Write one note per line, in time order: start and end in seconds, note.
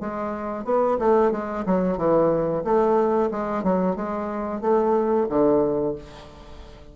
0.00 0.64 G#3
0.64 0.97 B3
0.99 1.31 A3
1.31 1.64 G#3
1.65 1.97 F#3
1.97 2.63 E3
2.64 3.30 A3
3.31 3.63 G#3
3.63 3.96 F#3
3.96 4.61 G#3
4.61 5.27 A3
5.29 5.95 D3